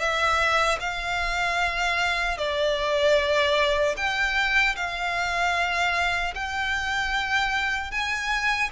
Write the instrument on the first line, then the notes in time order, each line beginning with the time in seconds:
violin
0.00 E5
0.80 F5
2.38 D5
3.97 G5
4.77 F5
6.35 G5
7.92 G#5